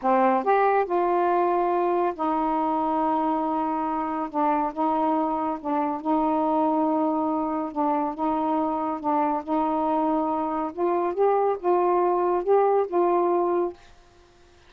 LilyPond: \new Staff \with { instrumentName = "saxophone" } { \time 4/4 \tempo 4 = 140 c'4 g'4 f'2~ | f'4 dis'2.~ | dis'2 d'4 dis'4~ | dis'4 d'4 dis'2~ |
dis'2 d'4 dis'4~ | dis'4 d'4 dis'2~ | dis'4 f'4 g'4 f'4~ | f'4 g'4 f'2 | }